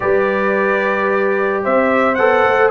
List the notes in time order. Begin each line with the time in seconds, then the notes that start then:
0.00 G3 G4 B4 D5
1.63 C4 C5 E5
2.15 B3 A4 F#5
2.45 A3